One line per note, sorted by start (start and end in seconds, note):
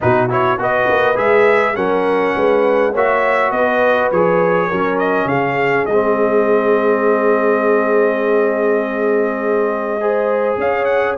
0.00 0.58 B2
0.00 0.29 D#4
0.00 0.60 F#4
0.00 0.30 B4
0.29 0.58 E4
0.29 0.61 C#5
0.58 0.88 B3
0.58 1.15 F#4
0.58 1.76 B4
0.58 1.17 D#5
0.89 1.16 A#3
1.15 1.75 G#3
1.15 1.74 G#4
1.15 1.76 E5
1.75 2.34 F#3
1.75 2.93 C#4
1.75 2.34 A#4
1.75 2.93 F#5
2.34 2.94 G#3
2.34 2.92 B4
2.92 3.51 A#3
2.92 4.13 F#4
2.92 3.50 C#5
2.92 3.51 E5
3.51 4.10 B3
3.51 4.68 B4
3.51 4.10 D#5
4.11 4.70 F3
4.11 4.71 G#4
4.11 4.98 C#5
4.68 5.25 F#3
4.68 5.89 C#4
4.68 5.26 A#4
4.98 5.28 D#5
5.25 5.83 C#3
5.25 9.99 G#4
5.25 5.85 F5
5.85 10.56 G#3
5.85 10.56 D#5
5.92 10.00 C4
10.00 11.18 G#4
10.00 10.59 C5
10.57 11.16 C#4
10.57 11.18 C#5
10.57 10.84 F5
10.84 11.14 F#5